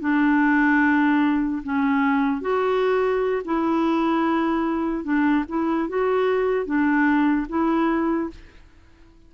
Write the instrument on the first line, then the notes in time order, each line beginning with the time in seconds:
clarinet
0.00 D4
1.63 C#4
2.41 F#4
3.44 E4
5.04 D4
5.48 E4
5.89 F#4
6.66 D4
7.49 E4